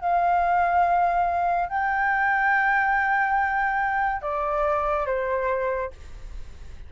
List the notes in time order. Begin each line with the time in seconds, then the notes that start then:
0.00 F5
1.69 G5
4.22 D5
5.06 C5